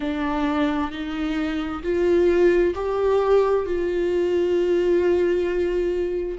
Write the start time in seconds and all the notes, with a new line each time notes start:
0.00 D4
0.91 D#4
1.83 F4
2.74 G4
3.65 F4